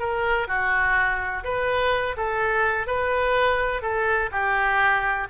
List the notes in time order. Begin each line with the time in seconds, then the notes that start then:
0.00 A#4
0.48 F#4
1.44 B4
2.17 A4
2.87 B4
3.82 A4
4.32 G4